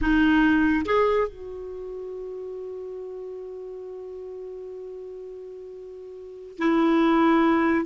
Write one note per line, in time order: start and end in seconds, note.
0.01 0.85 D#4
0.85 1.27 G#4
1.27 6.58 F#4
6.58 7.86 E4